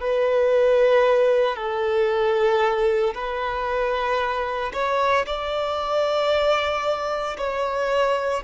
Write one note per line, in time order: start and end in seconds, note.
0.00 1.56 B4
1.56 3.13 A4
3.14 4.72 B4
4.73 5.25 C#5
5.26 7.36 D5
7.37 8.43 C#5